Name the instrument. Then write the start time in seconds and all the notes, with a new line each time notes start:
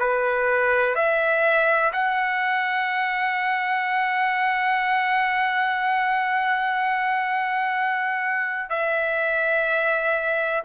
trumpet
0.00 B4
0.96 E5
1.94 F#5
8.70 E5